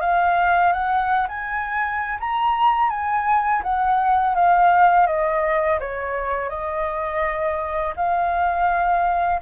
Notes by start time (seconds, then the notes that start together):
0.00 F5
0.72 F#5
1.28 G#5
2.19 A#5
2.89 G#5
3.62 F#5
4.35 F5
5.06 D#5
5.79 C#5
6.49 D#5
7.96 F5